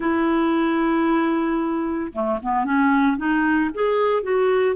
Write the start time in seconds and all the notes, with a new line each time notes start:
0.00 E4
2.12 A3
2.42 B3
2.64 C#4
3.17 D#4
3.74 G#4
4.23 F#4